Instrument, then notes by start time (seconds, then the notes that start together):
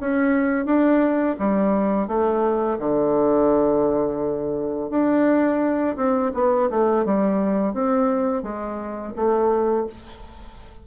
bassoon
0.00 C#4
0.66 D4
1.39 G3
2.08 A3
2.79 D3
4.90 D4
5.96 C4
6.34 B3
6.70 A3
7.05 G3
7.74 C4
8.43 G#3
9.16 A3